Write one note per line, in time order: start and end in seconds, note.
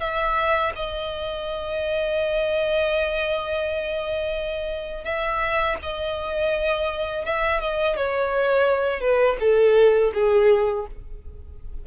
0.00 0.72 E5
0.75 5.04 D#5
5.04 5.77 E5
5.83 7.25 D#5
7.25 7.61 E5
7.61 7.96 D#5
7.96 9.01 C#5
9.01 9.37 B4
9.40 10.12 A4
10.14 10.86 G#4